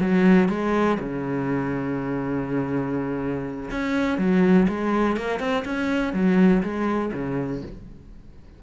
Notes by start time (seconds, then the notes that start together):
0.00 F#3
0.48 G#3
0.99 C#3
3.70 C#4
4.18 F#3
4.68 G#3
5.17 A#3
5.39 C4
5.64 C#4
6.13 F#3
6.62 G#3
7.13 C#3